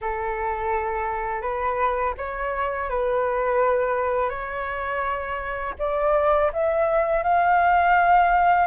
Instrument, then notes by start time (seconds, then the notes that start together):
flute
0.01 A4
1.41 B4
2.17 C#5
2.89 B4
4.29 C#5
5.78 D5
6.52 E5
7.23 F5